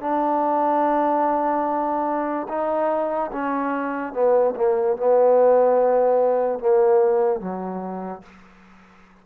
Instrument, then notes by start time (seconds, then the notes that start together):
trombone
0.00 D4
2.48 D#4
3.31 C#4
4.13 B3
4.55 A#3
4.97 B3
6.59 A#3
7.40 F#3